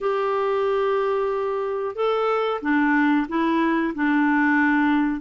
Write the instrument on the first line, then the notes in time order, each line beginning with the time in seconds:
clarinet
0.00 G4
1.95 A4
2.61 D4
3.28 E4
3.95 D4